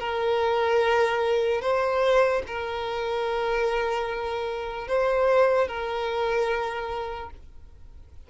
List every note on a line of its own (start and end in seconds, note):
0.00 1.62 A#4
1.62 2.43 C5
2.48 4.88 A#4
4.88 5.68 C5
5.68 7.30 A#4